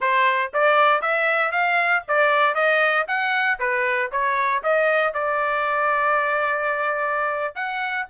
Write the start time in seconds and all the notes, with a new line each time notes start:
0.00 C5
0.53 D5
1.01 E5
1.51 F5
2.07 D5
2.54 D#5
3.07 F#5
3.59 B4
4.11 C#5
4.63 D#5
5.13 D5
7.55 F#5